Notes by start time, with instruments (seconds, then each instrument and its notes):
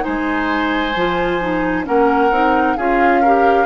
0.00 clarinet D#4, oboe C5, flute G#5
0.07 bassoon G#3
0.95 bassoon F3, clarinet F4
1.41 clarinet D#4
1.84 bassoon A#3, clarinet C#4, oboe A#4, flute F#5
2.30 bassoon C4, clarinet D#4
2.76 bassoon C#4, clarinet F4, oboe G#4, flute F5
3.21 clarinet G4, oboe A#4